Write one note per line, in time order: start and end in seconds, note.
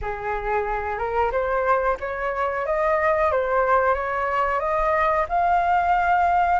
0.01 0.98 G#4
0.98 1.31 A#4
1.31 1.97 C5
2.00 2.66 C#5
2.66 3.31 D#5
3.31 3.94 C5
3.94 4.59 C#5
4.59 5.25 D#5
5.29 6.59 F5